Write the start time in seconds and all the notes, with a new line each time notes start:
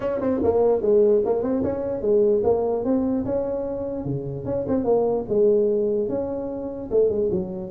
0.00 C#4
0.20 C4
0.43 A#3
0.81 G#3
1.25 A#3
1.42 C4
1.63 C#4
2.01 G#3
2.43 A#3
2.84 C4
3.25 C#4
4.04 C#3
4.45 C#4
4.68 C4
4.84 A#3
5.29 G#3
6.08 C#4
6.90 A3
7.09 G#3
7.31 F#3